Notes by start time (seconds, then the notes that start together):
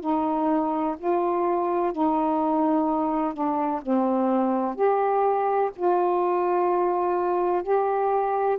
0.00 D#4
0.98 F4
1.92 D#4
3.33 D4
3.81 C4
4.75 G4
5.76 F4
7.62 G4